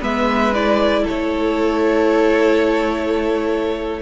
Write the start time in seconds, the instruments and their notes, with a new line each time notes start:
0.00 cello G#3, viola B3, violin B4 E5
0.53 viola E4, violin D5
1.02 violin A4 C#5
1.09 cello A3